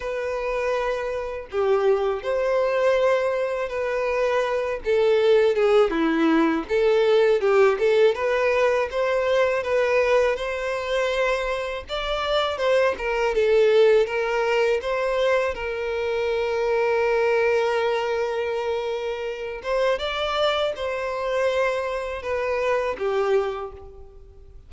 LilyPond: \new Staff \with { instrumentName = "violin" } { \time 4/4 \tempo 4 = 81 b'2 g'4 c''4~ | c''4 b'4. a'4 gis'8 | e'4 a'4 g'8 a'8 b'4 | c''4 b'4 c''2 |
d''4 c''8 ais'8 a'4 ais'4 | c''4 ais'2.~ | ais'2~ ais'8 c''8 d''4 | c''2 b'4 g'4 | }